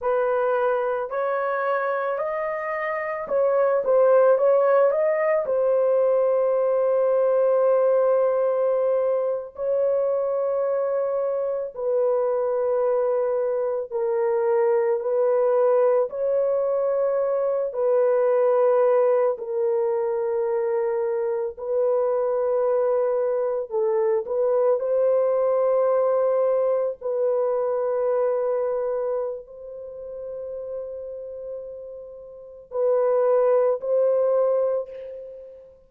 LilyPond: \new Staff \with { instrumentName = "horn" } { \time 4/4 \tempo 4 = 55 b'4 cis''4 dis''4 cis''8 c''8 | cis''8 dis''8 c''2.~ | c''8. cis''2 b'4~ b'16~ | b'8. ais'4 b'4 cis''4~ cis''16~ |
cis''16 b'4. ais'2 b'16~ | b'4.~ b'16 a'8 b'8 c''4~ c''16~ | c''8. b'2~ b'16 c''4~ | c''2 b'4 c''4 | }